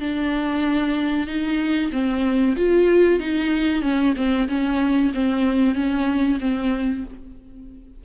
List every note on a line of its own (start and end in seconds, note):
0.00 1.27 D4
1.27 1.91 D#4
1.92 2.56 C4
2.56 3.19 F4
3.19 3.82 D#4
3.82 4.14 C#4
4.16 4.48 C4
4.48 5.12 C#4
5.14 5.74 C4
5.74 6.38 C#4
6.40 7.04 C4